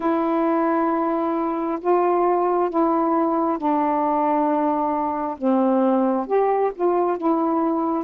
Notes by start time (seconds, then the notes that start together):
0.00 E4
1.81 F4
2.69 E4
3.58 D4
5.37 C4
6.26 G4
6.74 F4
7.17 E4